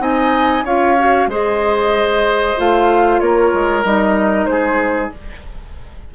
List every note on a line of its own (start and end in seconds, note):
0.00 0.64 C4
0.00 0.64 D#4
0.00 0.65 D#5
0.00 0.66 G#5
0.65 1.28 C#4
0.65 0.98 F4
0.65 1.29 C#5
0.65 1.31 F5
0.99 1.31 F#4
1.28 2.55 G#3
1.28 2.57 G#4
1.28 3.22 C5
1.28 2.60 D#5
2.57 3.21 A3
2.57 3.85 F4
2.57 3.20 F5
3.20 3.53 A#3
3.20 4.50 A#4
3.20 3.84 C#5
3.54 3.85 G#3
3.85 4.47 G3
3.85 5.12 D#4
3.85 4.46 D#5
4.46 5.11 G#3
4.46 5.15 G#4
4.46 5.10 C5